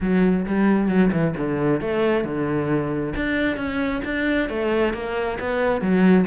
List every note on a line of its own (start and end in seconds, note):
0.00 0.45 F#3
0.45 0.88 G3
0.88 1.11 F#3
1.12 1.35 E3
1.37 1.80 D3
1.80 2.24 A3
2.24 3.13 D3
3.15 3.56 D4
3.56 4.01 C#4
4.04 4.49 D4
4.49 4.93 A3
4.93 5.38 A#3
5.39 5.81 B3
5.81 6.26 F#3